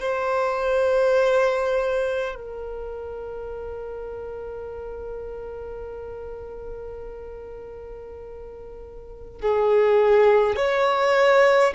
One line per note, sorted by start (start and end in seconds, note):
0.00 2.35 C5
2.35 9.41 A#4
9.41 10.56 G#4
10.56 11.73 C#5